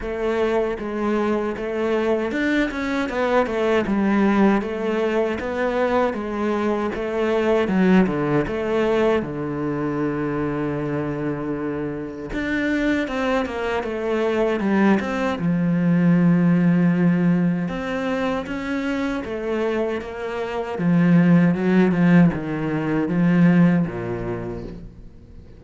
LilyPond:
\new Staff \with { instrumentName = "cello" } { \time 4/4 \tempo 4 = 78 a4 gis4 a4 d'8 cis'8 | b8 a8 g4 a4 b4 | gis4 a4 fis8 d8 a4 | d1 |
d'4 c'8 ais8 a4 g8 c'8 | f2. c'4 | cis'4 a4 ais4 f4 | fis8 f8 dis4 f4 ais,4 | }